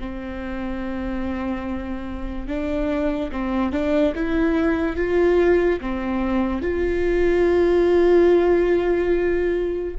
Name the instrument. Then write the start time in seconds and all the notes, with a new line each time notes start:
viola
0.00 C4
2.48 D4
3.32 C4
3.73 D4
4.15 E4
4.97 F4
5.81 C4
6.62 F4